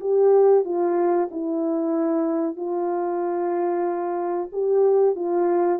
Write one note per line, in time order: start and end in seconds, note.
0.00 0.65 G4
0.65 1.29 F4
1.31 2.56 E4
2.56 4.50 F4
4.52 5.15 G4
5.15 5.79 F4